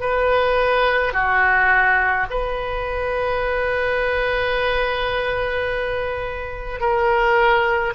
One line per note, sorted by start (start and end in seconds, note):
0.00 1.13 B4
1.13 2.26 F#4
2.30 6.80 B4
6.80 7.93 A#4